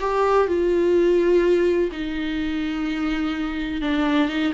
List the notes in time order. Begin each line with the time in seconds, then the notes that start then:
0.00 G4
0.47 F4
1.91 D#4
3.81 D4
4.29 D#4